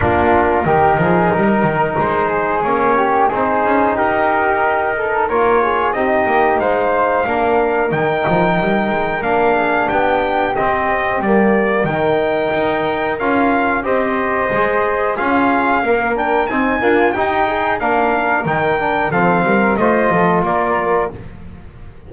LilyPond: <<
  \new Staff \with { instrumentName = "trumpet" } { \time 4/4 \tempo 4 = 91 ais'2. c''4 | cis''4 c''4 ais'2 | cis''4 dis''4 f''2 | g''2 f''4 g''4 |
dis''4 d''4 g''2 | f''4 dis''2 f''4~ | f''8 g''8 gis''4 g''4 f''4 | g''4 f''4 dis''4 d''4 | }
  \new Staff \with { instrumentName = "flute" } { \time 4/4 f'4 g'8 gis'8 ais'4. gis'8~ | gis'8 g'8 gis'4 g'4. a'8 | ais'8 gis'8 g'4 c''4 ais'4~ | ais'2~ ais'8 gis'8 g'4~ |
g'2 ais'2~ | ais'4 c''2 gis'4 | ais'4 dis'8 f'8 g'8 gis'8 ais'4~ | ais'4 a'8 ais'8 c''8 a'8 ais'4 | }
  \new Staff \with { instrumentName = "trombone" } { \time 4/4 d'4 dis'2. | cis'4 dis'2. | f'4 dis'2 d'4 | dis'2 d'2 |
c'4 ais4 dis'2 | f'4 g'4 gis'4 f'4 | ais8 d'8 c'8 ais8 dis'4 d'4 | dis'8 d'8 c'4 f'2 | }
  \new Staff \with { instrumentName = "double bass" } { \time 4/4 ais4 dis8 f8 g8 dis8 gis4 | ais4 c'8 cis'8 dis'2 | ais4 c'8 ais8 gis4 ais4 | dis8 f8 g8 gis8 ais4 b4 |
c'4 g4 dis4 dis'4 | cis'4 c'4 gis4 cis'4 | ais4 c'8 d'8 dis'4 ais4 | dis4 f8 g8 a8 f8 ais4 | }
>>